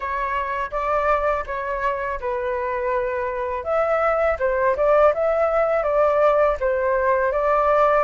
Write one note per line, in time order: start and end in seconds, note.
0.00 0.71 C#5
0.71 1.44 D5
1.46 2.19 C#5
2.20 3.64 B4
3.64 4.37 E5
4.39 4.76 C5
4.76 5.13 D5
5.14 5.83 E5
5.83 6.56 D5
6.60 7.31 C5
7.31 8.04 D5